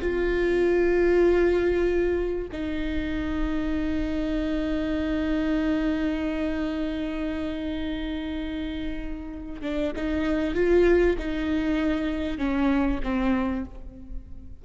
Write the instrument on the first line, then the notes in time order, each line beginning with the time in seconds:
viola
0.00 F4
2.52 D#4
9.61 D4
9.96 D#4
10.54 F4
11.18 D#4
12.38 C#4
13.03 C4